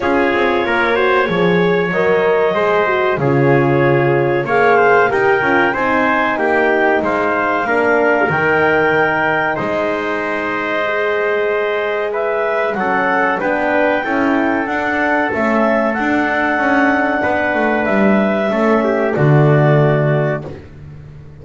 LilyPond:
<<
  \new Staff \with { instrumentName = "clarinet" } { \time 4/4 \tempo 4 = 94 cis''2. dis''4~ | dis''4 cis''2 f''4 | g''4 gis''4 g''4 f''4~ | f''4 g''2 dis''4~ |
dis''2. e''4 | fis''4 g''2 fis''4 | e''4 fis''2. | e''2 d''2 | }
  \new Staff \with { instrumentName = "trumpet" } { \time 4/4 gis'4 ais'8 c''8 cis''2 | c''4 gis'2 cis''8 c''8 | ais'4 c''4 g'4 c''4 | ais'2. c''4~ |
c''2. b'4 | a'4 b'4 a'2~ | a'2. b'4~ | b'4 a'8 g'8 fis'2 | }
  \new Staff \with { instrumentName = "horn" } { \time 4/4 f'4. fis'8 gis'4 ais'4 | gis'8 fis'8 f'2 gis'4 | g'8 f'8 dis'2. | d'4 dis'2.~ |
dis'4 gis'2. | cis'4 d'4 e'4 d'4 | cis'4 d'2.~ | d'4 cis'4 a2 | }
  \new Staff \with { instrumentName = "double bass" } { \time 4/4 cis'8 c'8 ais4 f4 fis4 | gis4 cis2 ais4 | dis'8 cis'8 c'4 ais4 gis4 | ais4 dis2 gis4~ |
gis1 | fis4 b4 cis'4 d'4 | a4 d'4 cis'4 b8 a8 | g4 a4 d2 | }
>>